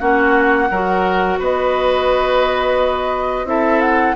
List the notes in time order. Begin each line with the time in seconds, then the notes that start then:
0.00 A#3 C#4 F#4 F#5
0.71 F#3 F#4 A#4
1.40 B3 B4 D#5
3.45 C4 E4 A4 E5
3.81 F#5